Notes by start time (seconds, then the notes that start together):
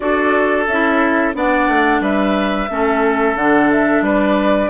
0.00 D4 F#4 A4 D5
0.67 C#4 E4 E5
1.33 B3 D4 D5 F#5
1.68 A3
2.00 G3 B4 E5
2.69 A3 C#4 A4
3.35 D3 D4 F#5
3.71 E5
4.01 G3 B4 D5